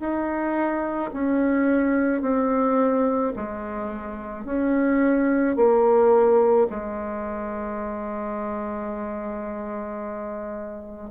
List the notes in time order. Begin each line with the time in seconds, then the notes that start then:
0.00 D#4
1.14 C#4
2.22 C4
3.36 G#3
4.45 C#4
5.57 A#3
6.70 G#3